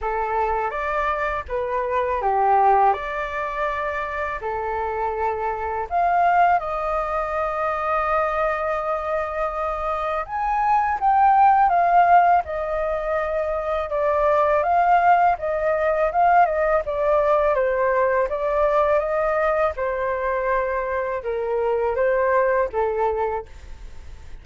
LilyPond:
\new Staff \with { instrumentName = "flute" } { \time 4/4 \tempo 4 = 82 a'4 d''4 b'4 g'4 | d''2 a'2 | f''4 dis''2.~ | dis''2 gis''4 g''4 |
f''4 dis''2 d''4 | f''4 dis''4 f''8 dis''8 d''4 | c''4 d''4 dis''4 c''4~ | c''4 ais'4 c''4 a'4 | }